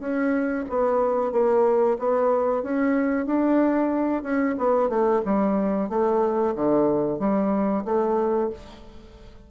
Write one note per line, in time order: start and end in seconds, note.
0.00 0.65 C#4
0.70 1.33 B3
1.33 1.98 A#3
1.99 2.64 B3
2.64 3.26 C#4
3.26 4.23 D4
4.23 4.56 C#4
4.59 4.90 B3
4.90 5.22 A3
5.26 5.90 G3
5.90 6.55 A3
6.56 7.19 D3
7.19 7.85 G3
7.85 8.50 A3